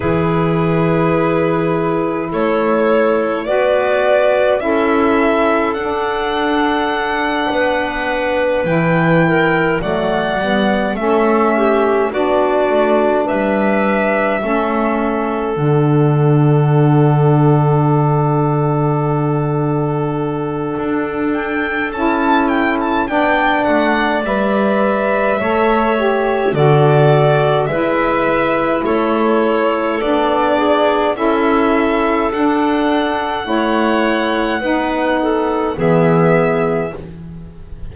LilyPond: <<
  \new Staff \with { instrumentName = "violin" } { \time 4/4 \tempo 4 = 52 b'2 cis''4 d''4 | e''4 fis''2~ fis''8 g''8~ | g''8 fis''4 e''4 d''4 e''8~ | e''4. fis''2~ fis''8~ |
fis''2~ fis''8 g''8 a''8 g''16 a''16 | g''8 fis''8 e''2 d''4 | e''4 cis''4 d''4 e''4 | fis''2. e''4 | }
  \new Staff \with { instrumentName = "clarinet" } { \time 4/4 gis'2 a'4 b'4 | a'2~ a'8 b'4. | ais'8 d''4 a'8 g'8 fis'4 b'8~ | b'8 a'2.~ a'8~ |
a'1 | d''2 cis''4 a'4 | b'4 a'4. gis'8 a'4~ | a'4 cis''4 b'8 a'8 gis'4 | }
  \new Staff \with { instrumentName = "saxophone" } { \time 4/4 e'2. fis'4 | e'4 d'2~ d'8 e'8~ | e'8 a8 b8 cis'4 d'4.~ | d'8 cis'4 d'2~ d'8~ |
d'2. e'4 | d'4 b'4 a'8 g'8 fis'4 | e'2 d'4 e'4 | d'4 e'4 dis'4 b4 | }
  \new Staff \with { instrumentName = "double bass" } { \time 4/4 e2 a4 b4 | cis'4 d'4. b4 e8~ | e8 fis8 g8 a4 b8 a8 g8~ | g8 a4 d2~ d8~ |
d2 d'4 cis'4 | b8 a8 g4 a4 d4 | gis4 a4 b4 cis'4 | d'4 a4 b4 e4 | }
>>